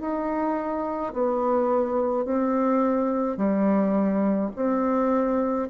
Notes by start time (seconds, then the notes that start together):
0.00 D#4
1.13 B3
2.25 C4
3.37 G3
4.56 C4